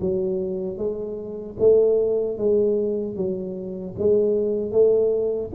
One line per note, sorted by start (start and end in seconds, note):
0.00 0.77 F#3
0.77 1.56 G#3
1.59 2.37 A3
2.37 3.16 G#3
3.16 3.95 F#3
3.98 4.71 G#3
4.71 5.50 A3